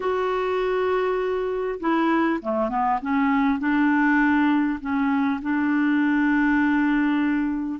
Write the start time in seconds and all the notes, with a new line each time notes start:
0.00 F#4
1.80 E4
2.41 A3
2.69 B3
3.01 C#4
3.59 D4
4.80 C#4
5.42 D4